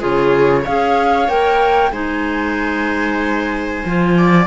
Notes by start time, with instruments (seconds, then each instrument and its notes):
0.00 cello C#3, clarinet F4, viola G#4, flute C#5
0.63 cello C#4, clarinet G#4, viola C#5, flute F5
1.28 cello A#3, clarinet A#4, flute G5
1.92 cello G#3, clarinet D#4, viola C5, flute G#5
3.86 cello F3, clarinet F4
4.18 viola D5